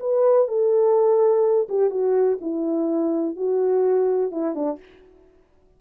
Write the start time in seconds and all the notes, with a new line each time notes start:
0.00 B4
0.48 A4
1.69 G4
1.90 F#4
2.41 E4
3.36 F#4
4.32 E4
4.55 D4